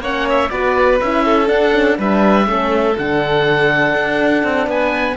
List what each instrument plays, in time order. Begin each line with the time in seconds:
0.00 cello A#3, horn C#4, violin C#5, oboe F#5
0.29 oboe E5
0.50 cello B3, horn F#4, violin B4, oboe D5
1.01 cello C#4, horn E4, oboe E5
1.25 violin A4
1.47 horn D4, cello D4, oboe F#5
1.72 horn C#4
1.99 cello G3, horn D4, violin B4, oboe E5
2.46 cello A3, horn C#4, violin A4
2.98 cello D3, horn D4, oboe F#5
3.95 cello D4
4.44 cello C4
4.67 cello B3, violin B4, oboe G#5